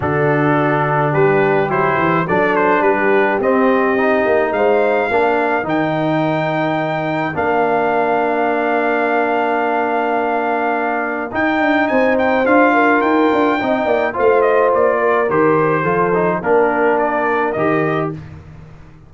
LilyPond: <<
  \new Staff \with { instrumentName = "trumpet" } { \time 4/4 \tempo 4 = 106 a'2 b'4 c''4 | d''8 c''8 b'4 dis''2 | f''2 g''2~ | g''4 f''2.~ |
f''1 | g''4 gis''8 g''8 f''4 g''4~ | g''4 f''8 dis''8 d''4 c''4~ | c''4 ais'4 d''4 dis''4 | }
  \new Staff \with { instrumentName = "horn" } { \time 4/4 fis'2 g'2 | a'4 g'2. | c''4 ais'2.~ | ais'1~ |
ais'1~ | ais'4 c''4. ais'4. | dis''8 d''8 c''4. ais'4. | a'4 ais'2. | }
  \new Staff \with { instrumentName = "trombone" } { \time 4/4 d'2. e'4 | d'2 c'4 dis'4~ | dis'4 d'4 dis'2~ | dis'4 d'2.~ |
d'1 | dis'2 f'2 | dis'4 f'2 g'4 | f'8 dis'8 d'2 g'4 | }
  \new Staff \with { instrumentName = "tuba" } { \time 4/4 d2 g4 fis8 e8 | fis4 g4 c'4. ais8 | gis4 ais4 dis2~ | dis4 ais2.~ |
ais1 | dis'8 d'8 c'4 d'4 dis'8 d'8 | c'8 ais8 a4 ais4 dis4 | f4 ais2 dis4 | }
>>